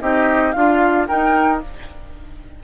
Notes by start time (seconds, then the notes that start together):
0.00 C4 D#4 G4 D#5
0.51 D4 F4 F5
1.07 D#4 A#4 G5